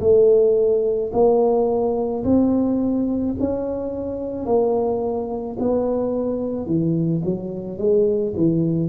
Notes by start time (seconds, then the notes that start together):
0.00 A3
1.12 A#3
2.24 C4
3.39 C#4
4.45 A#3
5.59 B3
6.66 E3
7.24 F#3
7.78 G#3
8.36 E3